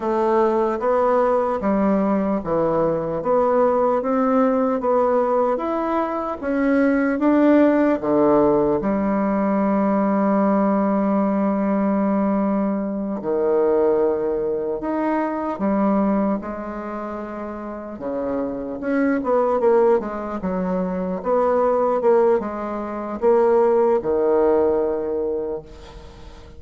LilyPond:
\new Staff \with { instrumentName = "bassoon" } { \time 4/4 \tempo 4 = 75 a4 b4 g4 e4 | b4 c'4 b4 e'4 | cis'4 d'4 d4 g4~ | g1~ |
g8 dis2 dis'4 g8~ | g8 gis2 cis4 cis'8 | b8 ais8 gis8 fis4 b4 ais8 | gis4 ais4 dis2 | }